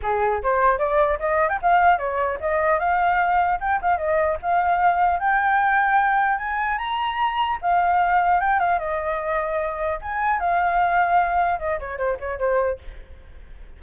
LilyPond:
\new Staff \with { instrumentName = "flute" } { \time 4/4 \tempo 4 = 150 gis'4 c''4 d''4 dis''8. g''16 | f''4 cis''4 dis''4 f''4~ | f''4 g''8 f''8 dis''4 f''4~ | f''4 g''2. |
gis''4 ais''2 f''4~ | f''4 g''8 f''8 dis''2~ | dis''4 gis''4 f''2~ | f''4 dis''8 cis''8 c''8 cis''8 c''4 | }